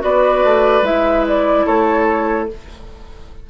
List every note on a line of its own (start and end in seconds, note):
0.00 0.44 B3
0.00 0.82 F#4
0.00 1.66 B4
0.00 0.85 D5
0.44 0.82 A3
0.82 1.64 G#3
0.82 2.48 E4
0.82 1.26 E5
1.27 1.67 D5
1.66 2.50 A3
1.66 2.49 A4
1.66 2.49 C#5